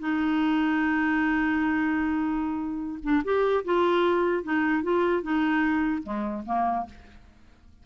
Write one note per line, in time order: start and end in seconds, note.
0.00 3.00 D#4
3.03 3.23 D4
3.25 3.65 G4
3.65 4.44 F4
4.44 4.83 D#4
4.83 5.23 F4
5.23 6.03 D#4
6.03 6.43 G#3
6.46 6.86 A#3